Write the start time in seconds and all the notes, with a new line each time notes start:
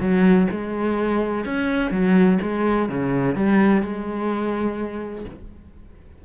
0.00 F#3
0.51 G#3
1.45 C#4
1.91 F#3
2.42 G#3
2.89 C#3
3.35 G3
3.82 G#3